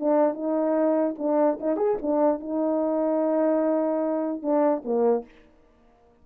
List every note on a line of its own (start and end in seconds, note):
0.00 0.34 D4
0.34 1.15 D#4
1.18 1.59 D4
1.60 1.77 D#4
1.77 1.97 G#4
2.02 2.40 D4
2.40 4.42 D#4
4.42 4.83 D4
4.85 5.25 A#3